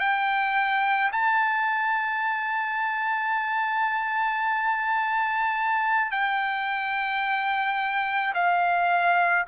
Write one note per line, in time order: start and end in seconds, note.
0.00 1.11 G5
1.13 6.12 A5
6.12 8.34 G5
8.34 9.45 F5